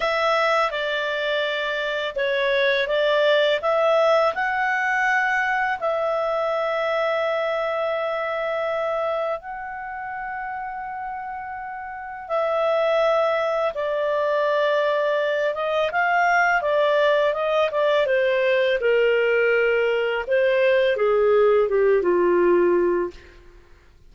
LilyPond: \new Staff \with { instrumentName = "clarinet" } { \time 4/4 \tempo 4 = 83 e''4 d''2 cis''4 | d''4 e''4 fis''2 | e''1~ | e''4 fis''2.~ |
fis''4 e''2 d''4~ | d''4. dis''8 f''4 d''4 | dis''8 d''8 c''4 ais'2 | c''4 gis'4 g'8 f'4. | }